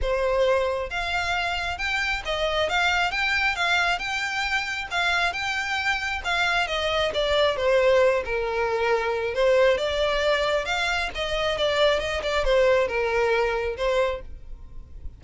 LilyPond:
\new Staff \with { instrumentName = "violin" } { \time 4/4 \tempo 4 = 135 c''2 f''2 | g''4 dis''4 f''4 g''4 | f''4 g''2 f''4 | g''2 f''4 dis''4 |
d''4 c''4. ais'4.~ | ais'4 c''4 d''2 | f''4 dis''4 d''4 dis''8 d''8 | c''4 ais'2 c''4 | }